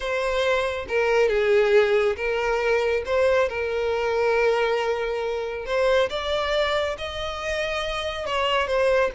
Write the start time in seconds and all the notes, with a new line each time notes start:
0.00 C5
0.88 A#4
1.28 G#4
2.16 A#4
3.05 C5
3.48 A#4
5.65 C5
6.09 D5
6.98 D#5
8.26 C#5
8.67 C5